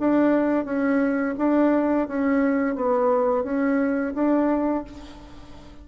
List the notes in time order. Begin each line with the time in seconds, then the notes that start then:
0.00 D4
0.66 C#4
1.38 D4
2.08 C#4
2.76 B3
3.44 C#4
4.15 D4